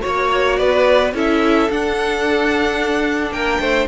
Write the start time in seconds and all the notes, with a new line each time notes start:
0.00 A#3 F#4 C#5
0.56 B3 B4 D5
1.13 C#4 E4 A4 E5
1.69 D4 F#5
3.31 A#3 A#4 G5
3.59 A3 C5